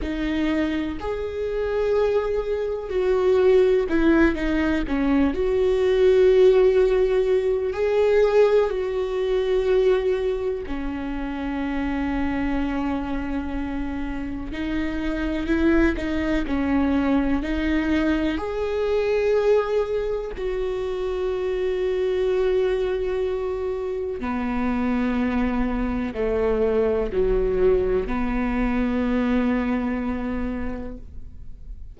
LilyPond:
\new Staff \with { instrumentName = "viola" } { \time 4/4 \tempo 4 = 62 dis'4 gis'2 fis'4 | e'8 dis'8 cis'8 fis'2~ fis'8 | gis'4 fis'2 cis'4~ | cis'2. dis'4 |
e'8 dis'8 cis'4 dis'4 gis'4~ | gis'4 fis'2.~ | fis'4 b2 a4 | fis4 b2. | }